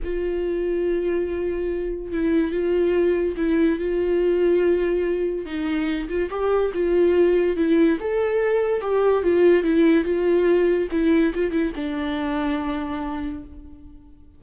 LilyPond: \new Staff \with { instrumentName = "viola" } { \time 4/4 \tempo 4 = 143 f'1~ | f'4 e'4 f'2 | e'4 f'2.~ | f'4 dis'4. f'8 g'4 |
f'2 e'4 a'4~ | a'4 g'4 f'4 e'4 | f'2 e'4 f'8 e'8 | d'1 | }